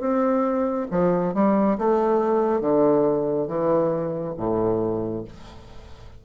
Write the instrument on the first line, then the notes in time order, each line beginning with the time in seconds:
bassoon
0.00 C4
0.91 F3
1.34 G3
1.78 A3
2.61 D3
3.48 E3
4.38 A2